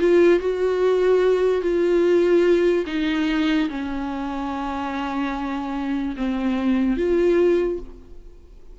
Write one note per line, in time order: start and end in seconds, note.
0.00 0.40 F4
0.40 1.62 F#4
1.62 2.85 F4
2.87 3.69 D#4
3.69 6.16 C#4
6.17 6.97 C4
6.97 7.79 F4